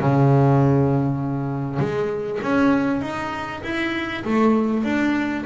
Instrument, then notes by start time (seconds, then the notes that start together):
double bass
0.00 C#3
1.79 G#3
2.42 C#4
3.01 D#4
3.63 E4
4.24 A3
4.83 D4